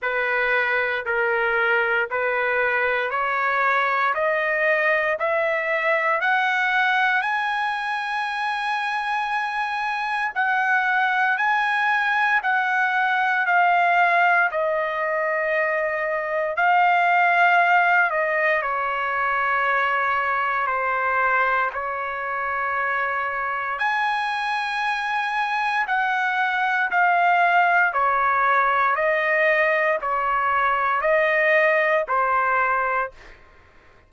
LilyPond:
\new Staff \with { instrumentName = "trumpet" } { \time 4/4 \tempo 4 = 58 b'4 ais'4 b'4 cis''4 | dis''4 e''4 fis''4 gis''4~ | gis''2 fis''4 gis''4 | fis''4 f''4 dis''2 |
f''4. dis''8 cis''2 | c''4 cis''2 gis''4~ | gis''4 fis''4 f''4 cis''4 | dis''4 cis''4 dis''4 c''4 | }